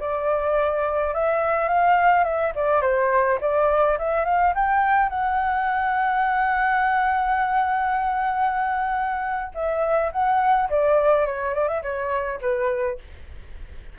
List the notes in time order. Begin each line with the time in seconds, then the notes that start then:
0.00 D5
1.15 E5
1.69 F5
2.25 E5
2.56 D5
2.82 C5
3.41 D5
3.99 E5
4.25 F5
4.55 G5
5.10 F#5
9.55 E5
10.12 F#5
10.70 D5
11.26 C#5
11.55 D5
11.68 E5
11.83 C#5
12.42 B4